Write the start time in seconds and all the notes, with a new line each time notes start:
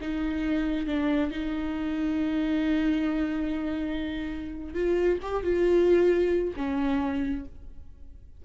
0.00 D#4
0.87 D4
1.31 D#4
4.74 F4
5.21 G4
5.43 F4
6.56 C#4